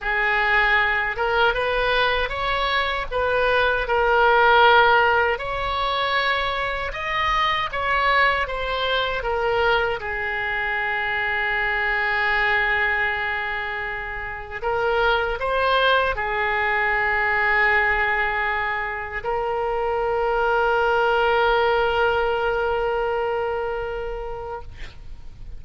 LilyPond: \new Staff \with { instrumentName = "oboe" } { \time 4/4 \tempo 4 = 78 gis'4. ais'8 b'4 cis''4 | b'4 ais'2 cis''4~ | cis''4 dis''4 cis''4 c''4 | ais'4 gis'2.~ |
gis'2. ais'4 | c''4 gis'2.~ | gis'4 ais'2.~ | ais'1 | }